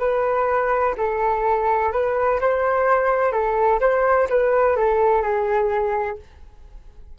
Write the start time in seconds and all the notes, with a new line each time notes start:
0.00 B4
0.98 A4
1.93 B4
2.41 C5
3.32 A4
3.81 C5
4.30 B4
4.77 A4
5.23 G#4